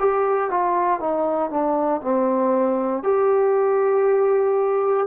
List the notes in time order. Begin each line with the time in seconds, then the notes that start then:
0.00 G4
0.51 F4
1.00 D#4
1.51 D4
2.02 C4
3.04 G4